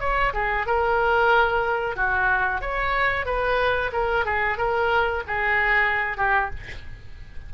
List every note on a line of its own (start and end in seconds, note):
0.00 0.33 C#5
0.34 0.66 G#4
0.66 1.96 A#4
1.96 2.61 F#4
2.61 3.26 C#5
3.26 3.91 B4
3.92 4.25 A#4
4.25 4.58 G#4
4.58 5.23 A#4
5.27 6.17 G#4
6.17 6.50 G4